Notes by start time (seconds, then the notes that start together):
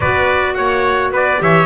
0.00 B3 F#4 B4 D5
0.54 A#3 C#5 F#5
1.11 B3 B4 D5
1.37 E3 G4 C#5 E5